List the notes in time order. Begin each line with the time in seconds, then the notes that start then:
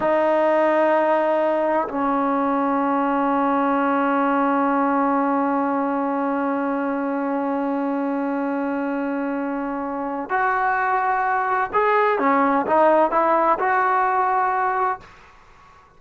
0.00 D#4
1.88 C#4
10.29 F#4
11.73 G#4
12.19 C#4
12.66 D#4
13.11 E4
13.59 F#4